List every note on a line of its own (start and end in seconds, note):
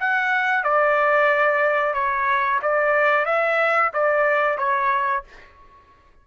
0.00 0.64 F#5
0.64 1.94 D5
1.94 2.60 C#5
2.63 3.25 D5
3.25 3.91 E5
3.94 4.58 D5
4.58 5.24 C#5